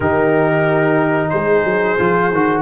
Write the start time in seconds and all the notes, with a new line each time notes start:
0.00 D#3 D#4 G4 A#4
1.29 G#3 G#4 C5
1.64 F#3
1.98 F3 F4
2.31 D#3 F#4